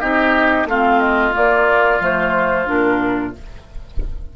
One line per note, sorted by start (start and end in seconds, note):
0.00 0.65 C4
0.00 0.67 D#4
0.00 0.67 G4
0.00 0.67 D#5
0.65 1.32 A3
0.65 1.32 C4
0.65 3.36 F4
0.65 1.00 F5
1.00 1.33 D#5
1.32 1.99 A#3
1.32 2.00 A#3
1.32 2.03 D5
2.00 2.66 F3
2.00 2.66 A3
2.00 2.68 C5
2.66 3.36 A#2
2.66 3.33 D4
2.66 3.34 A#4